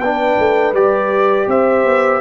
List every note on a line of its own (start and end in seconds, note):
0.00 0.37 B3
0.00 0.75 D4
0.00 1.50 B4
0.00 0.75 G5
0.39 0.73 A3
0.73 1.47 G3
0.73 2.21 G4
0.73 1.49 D5
1.48 1.85 C4
1.48 2.21 C5
1.48 2.21 E5
1.85 2.21 B3